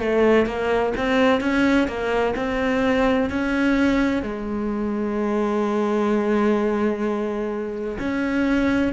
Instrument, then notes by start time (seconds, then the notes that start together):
cello
0.00 A3
0.46 A#3
0.97 C4
1.41 C#4
1.88 A#3
2.36 C4
3.30 C#4
4.23 G#3
7.99 C#4